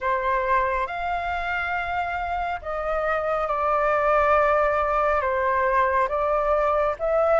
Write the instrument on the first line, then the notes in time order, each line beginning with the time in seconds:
flute
0.00 C5
0.86 F5
2.61 D#5
3.47 D5
5.21 C5
6.08 D5
6.99 E5